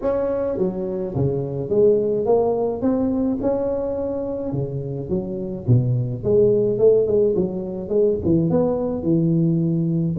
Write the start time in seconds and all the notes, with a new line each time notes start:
0.01 C#4
0.57 F#3
1.15 C#3
1.69 G#3
2.25 A#3
2.81 C4
3.41 C#4
4.52 C#3
5.09 F#3
5.67 B2
6.23 G#3
6.78 A3
7.06 G#3
7.35 F#3
7.89 G#3
8.24 E3
8.50 B3
9.02 E3